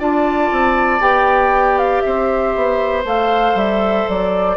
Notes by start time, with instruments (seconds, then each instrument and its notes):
0.00 bassoon D4, clarinet F4, oboe D5, flute A5
0.52 bassoon C4
1.00 bassoon B3, clarinet G4, flute G5
1.79 flute F5
2.01 bassoon C4, oboe C5, flute E5
2.56 bassoon B3
3.05 bassoon A3, clarinet A4, flute F5
3.55 bassoon G3, flute E5
4.09 bassoon F#3, flute D5